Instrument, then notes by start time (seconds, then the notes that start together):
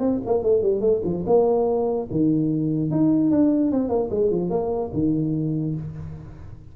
tuba
0.00 C4
0.26 A#3
0.43 A3
0.63 G3
0.81 A3
1.04 F3
1.27 A#3
2.11 D#3
2.91 D#4
3.31 D4
3.72 C4
3.89 A#3
4.11 G#3
4.31 F3
4.50 A#3
4.94 D#3